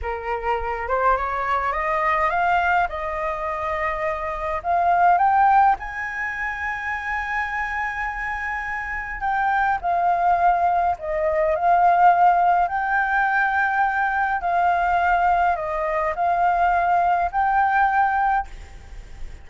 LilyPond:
\new Staff \with { instrumentName = "flute" } { \time 4/4 \tempo 4 = 104 ais'4. c''8 cis''4 dis''4 | f''4 dis''2. | f''4 g''4 gis''2~ | gis''1 |
g''4 f''2 dis''4 | f''2 g''2~ | g''4 f''2 dis''4 | f''2 g''2 | }